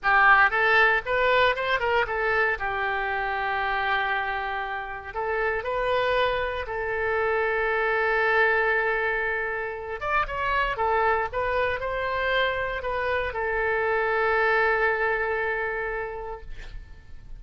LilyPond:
\new Staff \with { instrumentName = "oboe" } { \time 4/4 \tempo 4 = 117 g'4 a'4 b'4 c''8 ais'8 | a'4 g'2.~ | g'2 a'4 b'4~ | b'4 a'2.~ |
a'2.~ a'8 d''8 | cis''4 a'4 b'4 c''4~ | c''4 b'4 a'2~ | a'1 | }